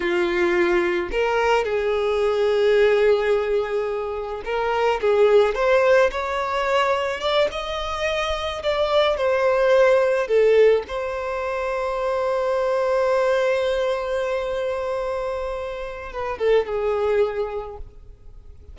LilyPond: \new Staff \with { instrumentName = "violin" } { \time 4/4 \tempo 4 = 108 f'2 ais'4 gis'4~ | gis'1 | ais'4 gis'4 c''4 cis''4~ | cis''4 d''8 dis''2 d''8~ |
d''8 c''2 a'4 c''8~ | c''1~ | c''1~ | c''4 b'8 a'8 gis'2 | }